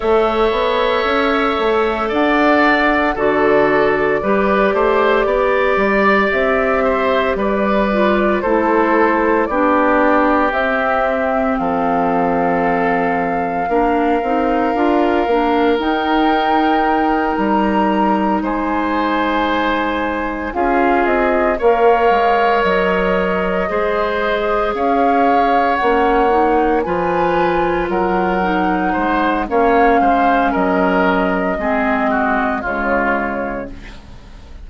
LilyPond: <<
  \new Staff \with { instrumentName = "flute" } { \time 4/4 \tempo 4 = 57 e''2 fis''4 d''4~ | d''2 e''4 d''4 | c''4 d''4 e''4 f''4~ | f''2. g''4~ |
g''8 ais''4 gis''2 f''8 | dis''8 f''4 dis''2 f''8~ | f''8 fis''4 gis''4 fis''4. | f''4 dis''2 cis''4 | }
  \new Staff \with { instrumentName = "oboe" } { \time 4/4 cis''2 d''4 a'4 | b'8 c''8 d''4. c''8 b'4 | a'4 g'2 a'4~ | a'4 ais'2.~ |
ais'4. c''2 gis'8~ | gis'8 cis''2 c''4 cis''8~ | cis''4. b'4 ais'4 c''8 | cis''8 c''8 ais'4 gis'8 fis'8 f'4 | }
  \new Staff \with { instrumentName = "clarinet" } { \time 4/4 a'2. fis'4 | g'2.~ g'8 f'8 | e'4 d'4 c'2~ | c'4 d'8 dis'8 f'8 d'8 dis'4~ |
dis'2.~ dis'8 f'8~ | f'8 ais'2 gis'4.~ | gis'8 cis'8 dis'8 f'4. dis'4 | cis'2 c'4 gis4 | }
  \new Staff \with { instrumentName = "bassoon" } { \time 4/4 a8 b8 cis'8 a8 d'4 d4 | g8 a8 b8 g8 c'4 g4 | a4 b4 c'4 f4~ | f4 ais8 c'8 d'8 ais8 dis'4~ |
dis'8 g4 gis2 cis'8 | c'8 ais8 gis8 fis4 gis4 cis'8~ | cis'8 ais4 f4 fis4 gis8 | ais8 gis8 fis4 gis4 cis4 | }
>>